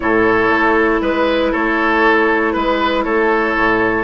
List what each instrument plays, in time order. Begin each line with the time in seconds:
0.00 bassoon A2, clarinet E4, oboe A4, flute C#5
0.49 bassoon A3
1.01 bassoon G#3, oboe B4, flute B4
1.51 bassoon A3, oboe A4, flute C#5
2.52 bassoon G#3, flute B4, oboe B4
3.03 bassoon A3, oboe A4, flute C#5
3.56 bassoon A2